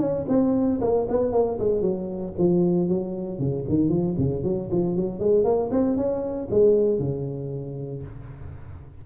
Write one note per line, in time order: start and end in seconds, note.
0.00 0.26 C#4
0.29 0.81 C4
0.81 1.07 A#3
1.09 1.33 B3
1.33 1.59 A#3
1.60 1.82 G#3
1.82 2.33 F#3
2.39 2.89 F3
2.89 3.39 F#3
3.39 3.65 C#3
3.69 3.90 D#3
3.90 4.15 F3
4.18 4.44 C#3
4.44 4.70 F#3
4.72 4.97 F3
4.97 5.20 F#3
5.20 5.45 G#3
5.45 5.70 A#3
5.72 5.97 C4
5.97 6.49 C#4
6.51 6.99 G#3
6.99 8.03 C#3